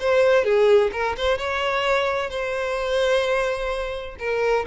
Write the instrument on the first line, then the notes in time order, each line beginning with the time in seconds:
violin
0.00 C5
0.44 G#4
0.92 A#4
1.17 C5
1.38 C#5
2.30 C5
4.19 A#4